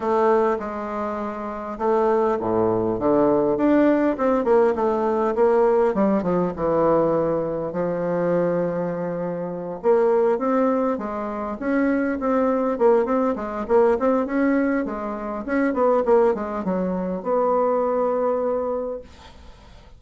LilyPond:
\new Staff \with { instrumentName = "bassoon" } { \time 4/4 \tempo 4 = 101 a4 gis2 a4 | a,4 d4 d'4 c'8 ais8 | a4 ais4 g8 f8 e4~ | e4 f2.~ |
f8 ais4 c'4 gis4 cis'8~ | cis'8 c'4 ais8 c'8 gis8 ais8 c'8 | cis'4 gis4 cis'8 b8 ais8 gis8 | fis4 b2. | }